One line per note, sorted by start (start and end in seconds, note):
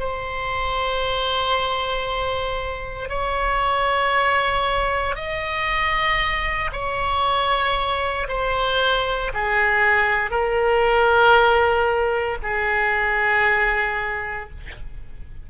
0.00 3.09 C5
3.09 5.16 C#5
5.16 6.71 D#5
6.72 8.28 C#5
8.29 9.32 C5
9.34 10.31 G#4
10.31 12.38 A#4
12.43 14.50 G#4